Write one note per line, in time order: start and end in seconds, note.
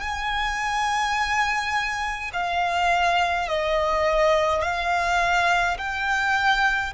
0.00 2.31 G#5
2.33 3.48 F5
3.48 4.62 D#5
4.62 5.77 F5
5.77 6.93 G5